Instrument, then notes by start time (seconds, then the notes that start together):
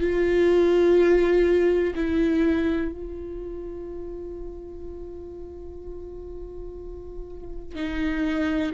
viola
0.00 F4
1.95 E4
2.92 F4
7.76 D#4